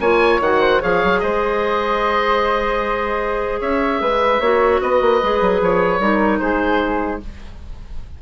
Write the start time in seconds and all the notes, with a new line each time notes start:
0.00 A#3 F4 C#5 G#5
0.41 D#3 F#4 F#5
0.61 C5
0.81 F3 G#4 C#5 F5
1.04 F#3
1.20 G#3 C5 D#5
3.61 C#4 C#5 E5
4.01 G#3 B4
4.40 A#3 F#4 C#5
4.81 B3 B4 D#5
5.01 A#3
5.22 G#3 G#4
5.41 F#3
5.61 F3 C#5
5.99 G3 D#4 A#4
6.39 G#3 G#4 C5